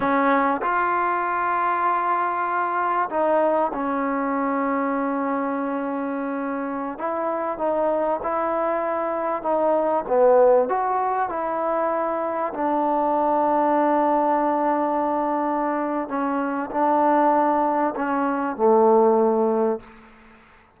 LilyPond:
\new Staff \with { instrumentName = "trombone" } { \time 4/4 \tempo 4 = 97 cis'4 f'2.~ | f'4 dis'4 cis'2~ | cis'2.~ cis'16 e'8.~ | e'16 dis'4 e'2 dis'8.~ |
dis'16 b4 fis'4 e'4.~ e'16~ | e'16 d'2.~ d'8.~ | d'2 cis'4 d'4~ | d'4 cis'4 a2 | }